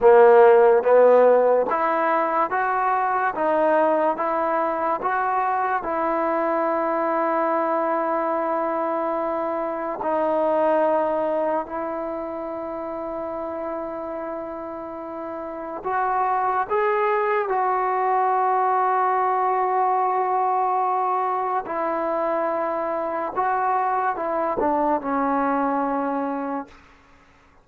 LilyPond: \new Staff \with { instrumentName = "trombone" } { \time 4/4 \tempo 4 = 72 ais4 b4 e'4 fis'4 | dis'4 e'4 fis'4 e'4~ | e'1 | dis'2 e'2~ |
e'2. fis'4 | gis'4 fis'2.~ | fis'2 e'2 | fis'4 e'8 d'8 cis'2 | }